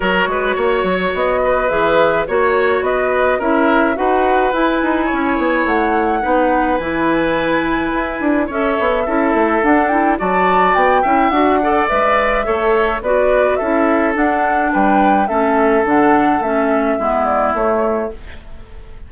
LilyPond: <<
  \new Staff \with { instrumentName = "flute" } { \time 4/4 \tempo 4 = 106 cis''2 dis''4 e''4 | cis''4 dis''4 e''4 fis''4 | gis''2 fis''2 | gis''2. e''4~ |
e''4 fis''8 g''8 a''4 g''4 | fis''4 e''2 d''4 | e''4 fis''4 g''4 e''4 | fis''4 e''4. d''8 cis''4 | }
  \new Staff \with { instrumentName = "oboe" } { \time 4/4 ais'8 b'8 cis''4. b'4. | cis''4 b'4 ais'4 b'4~ | b'4 cis''2 b'4~ | b'2. cis''4 |
a'2 d''4. e''8~ | e''8 d''4. cis''4 b'4 | a'2 b'4 a'4~ | a'2 e'2 | }
  \new Staff \with { instrumentName = "clarinet" } { \time 4/4 fis'2. gis'4 | fis'2 e'4 fis'4 | e'2. dis'4 | e'2. a'4 |
e'4 d'8 e'8 fis'4. e'8 | fis'8 a'8 b'4 a'4 fis'4 | e'4 d'2 cis'4 | d'4 cis'4 b4 a4 | }
  \new Staff \with { instrumentName = "bassoon" } { \time 4/4 fis8 gis8 ais8 fis8 b4 e4 | ais4 b4 cis'4 dis'4 | e'8 dis'8 cis'8 b8 a4 b4 | e2 e'8 d'8 cis'8 b8 |
cis'8 a8 d'4 fis4 b8 cis'8 | d'4 gis4 a4 b4 | cis'4 d'4 g4 a4 | d4 a4 gis4 a4 | }
>>